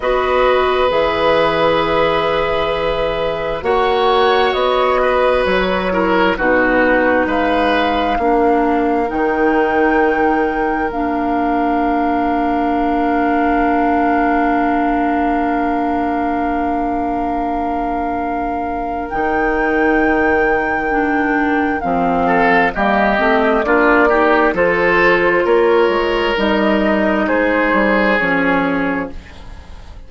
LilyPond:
<<
  \new Staff \with { instrumentName = "flute" } { \time 4/4 \tempo 4 = 66 dis''4 e''2. | fis''4 dis''4 cis''4 b'4 | f''2 g''2 | f''1~ |
f''1~ | f''4 g''2. | f''4 dis''4 d''4 c''4 | cis''4 dis''4 c''4 cis''4 | }
  \new Staff \with { instrumentName = "oboe" } { \time 4/4 b'1 | cis''4. b'4 ais'8 fis'4 | b'4 ais'2.~ | ais'1~ |
ais'1~ | ais'1~ | ais'8 a'8 g'4 f'8 g'8 a'4 | ais'2 gis'2 | }
  \new Staff \with { instrumentName = "clarinet" } { \time 4/4 fis'4 gis'2. | fis'2~ fis'8 e'8 dis'4~ | dis'4 d'4 dis'2 | d'1~ |
d'1~ | d'4 dis'2 d'4 | c'4 ais8 c'8 d'8 dis'8 f'4~ | f'4 dis'2 cis'4 | }
  \new Staff \with { instrumentName = "bassoon" } { \time 4/4 b4 e2. | ais4 b4 fis4 b,4 | gis4 ais4 dis2 | ais1~ |
ais1~ | ais4 dis2. | f4 g8 a8 ais4 f4 | ais8 gis8 g4 gis8 g8 f4 | }
>>